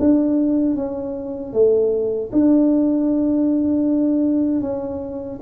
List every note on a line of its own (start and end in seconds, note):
0.00 0.76 D4
0.76 1.53 C#4
1.53 2.31 A3
2.33 4.62 D4
4.62 5.40 C#4